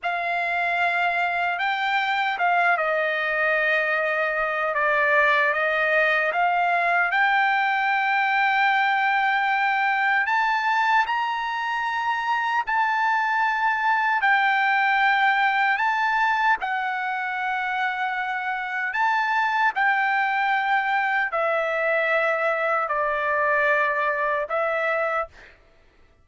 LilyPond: \new Staff \with { instrumentName = "trumpet" } { \time 4/4 \tempo 4 = 76 f''2 g''4 f''8 dis''8~ | dis''2 d''4 dis''4 | f''4 g''2.~ | g''4 a''4 ais''2 |
a''2 g''2 | a''4 fis''2. | a''4 g''2 e''4~ | e''4 d''2 e''4 | }